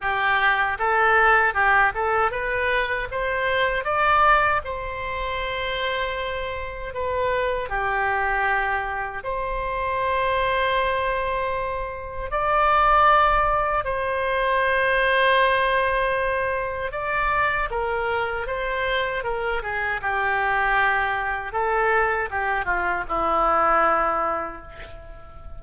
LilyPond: \new Staff \with { instrumentName = "oboe" } { \time 4/4 \tempo 4 = 78 g'4 a'4 g'8 a'8 b'4 | c''4 d''4 c''2~ | c''4 b'4 g'2 | c''1 |
d''2 c''2~ | c''2 d''4 ais'4 | c''4 ais'8 gis'8 g'2 | a'4 g'8 f'8 e'2 | }